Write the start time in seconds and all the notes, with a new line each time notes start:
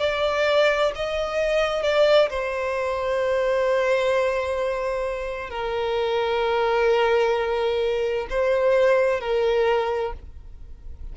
0.00 D5
0.96 D#5
1.83 D5
2.30 C5
5.50 A#4
8.30 C5
9.21 A#4